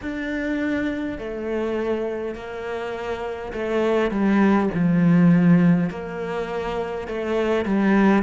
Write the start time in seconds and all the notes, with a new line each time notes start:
0.02 D4
1.18 A3
2.34 A#3
3.52 A3
4.10 G3
4.73 F3
5.89 A#3
7.07 A3
7.65 G3